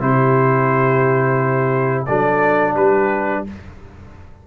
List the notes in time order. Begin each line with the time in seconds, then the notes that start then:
0.00 C3 E4 G4 C5
2.06 F#3 D4 A4 D5
2.74 G3 G4 B4